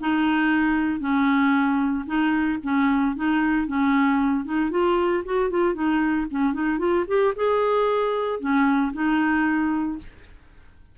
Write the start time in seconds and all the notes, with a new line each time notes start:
0.00 D#4
1.00 C#4
2.06 D#4
2.63 C#4
3.16 D#4
3.67 C#4
4.45 D#4
4.71 F4
5.25 F#4
5.50 F4
5.74 D#4
6.31 C#4
6.54 D#4
6.79 F4
7.07 G4
7.36 G#4
8.40 C#4
8.93 D#4